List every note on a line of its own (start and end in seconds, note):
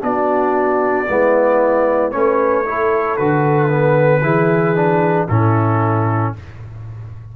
0.00 1.07 B3
0.00 1.05 D4
0.00 1.08 F#4
0.00 2.11 D5
1.08 2.14 G#3
1.08 2.12 B3
1.08 2.13 E4
2.11 3.19 A3
2.11 2.64 C#4
2.11 2.66 B4
2.11 3.16 C#5
2.65 3.18 E4
2.65 4.22 A4
3.16 4.22 D3
3.16 3.68 F#4
3.16 5.27 B4
3.68 4.21 B3
4.22 5.27 E3
4.22 4.75 E4
4.22 5.27 G#4
4.75 5.28 D4
5.28 6.34 A2
5.28 6.36 C#4
5.28 6.33 E4
5.28 6.33 A4